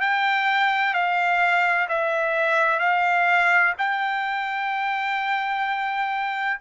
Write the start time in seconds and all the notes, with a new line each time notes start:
0.00 G5
0.93 F5
1.88 E5
2.79 F5
3.78 G5